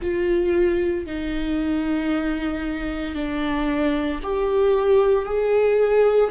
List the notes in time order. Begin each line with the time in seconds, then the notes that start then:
0.01 F4
1.06 D#4
3.14 D4
4.22 G4
5.25 G#4